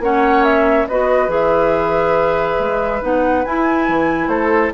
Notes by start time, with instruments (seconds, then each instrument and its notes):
0.00 bassoon A#3, clarinet C#4, oboe C#5, flute F#5
0.44 flute E5
0.88 bassoon B3, clarinet F#4, oboe B4, flute D#5
1.28 bassoon E3, clarinet G#4, flute E5
2.59 bassoon G#3
3.02 bassoon B3, clarinet D#4, flute F#5
3.45 clarinet E4, bassoon E4, flute G#5
3.88 bassoon E3
4.28 bassoon A3, oboe A4, flute C5